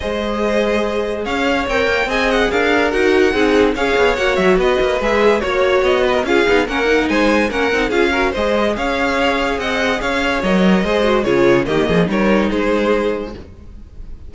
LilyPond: <<
  \new Staff \with { instrumentName = "violin" } { \time 4/4 \tempo 4 = 144 dis''2. f''4 | g''4 gis''8 fis''8 f''4 fis''4~ | fis''4 f''4 fis''8 e''8 dis''4 | e''4 cis''4 dis''4 f''4 |
fis''4 gis''4 fis''4 f''4 | dis''4 f''2 fis''4 | f''4 dis''2 cis''4 | dis''4 cis''4 c''2 | }
  \new Staff \with { instrumentName = "violin" } { \time 4/4 c''2. cis''4~ | cis''4 dis''4 ais'2 | gis'4 cis''2 b'4~ | b'4 cis''4. b'16 ais'16 gis'4 |
ais'4 c''4 ais'4 gis'8 ais'8 | c''4 cis''2 dis''4 | cis''2 c''4 gis'4 | g'8 gis'8 ais'4 gis'2 | }
  \new Staff \with { instrumentName = "viola" } { \time 4/4 gis'1 | ais'4 gis'2 fis'4 | dis'4 gis'4 fis'2 | gis'4 fis'2 f'8 dis'8 |
cis'8 dis'4. cis'8 dis'8 f'8 fis'8 | gis'1~ | gis'4 ais'4 gis'8 fis'8 f'4 | ais4 dis'2. | }
  \new Staff \with { instrumentName = "cello" } { \time 4/4 gis2. cis'4 | c'8 ais8 c'4 d'4 dis'4 | c'4 cis'8 b8 ais8 fis8 b8 ais8 | gis4 ais4 b4 cis'8 b8 |
ais4 gis4 ais8 c'8 cis'4 | gis4 cis'2 c'4 | cis'4 fis4 gis4 cis4 | dis8 f8 g4 gis2 | }
>>